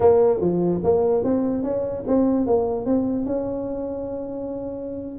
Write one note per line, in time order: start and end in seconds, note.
0.00 0.40 A#3
0.40 0.81 F3
0.83 1.24 A#3
1.24 1.63 C4
1.63 2.04 C#4
2.07 2.46 C4
2.46 2.85 A#3
2.85 3.25 C4
3.25 5.19 C#4